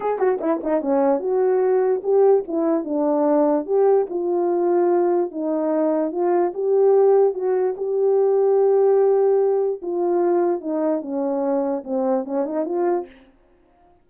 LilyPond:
\new Staff \with { instrumentName = "horn" } { \time 4/4 \tempo 4 = 147 gis'8 fis'8 e'8 dis'8 cis'4 fis'4~ | fis'4 g'4 e'4 d'4~ | d'4 g'4 f'2~ | f'4 dis'2 f'4 |
g'2 fis'4 g'4~ | g'1 | f'2 dis'4 cis'4~ | cis'4 c'4 cis'8 dis'8 f'4 | }